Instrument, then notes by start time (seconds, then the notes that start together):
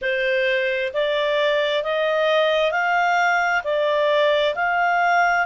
clarinet
0.01 C5
0.93 D5
1.83 D#5
2.71 F5
3.64 D5
4.55 F5